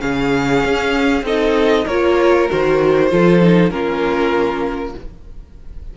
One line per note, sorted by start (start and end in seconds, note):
0.00 0.64 C#3
0.00 1.24 C#4
0.00 1.25 G#4
0.00 1.25 F5
0.65 1.23 C#4
1.23 1.85 C4
1.23 1.89 D#4
1.23 1.86 A4
1.23 1.87 D#5
1.86 2.50 A#3
1.86 2.49 F4
1.86 3.09 A#4
1.86 2.49 C#5
2.49 3.12 D#3
2.49 3.10 F#4
2.49 3.71 C5
3.10 3.71 F3
3.10 3.41 F4
3.10 3.74 A4
3.43 3.71 D#4
3.71 4.95 A#3
3.71 4.95 C#4
3.71 4.97 F4
3.71 4.94 A#4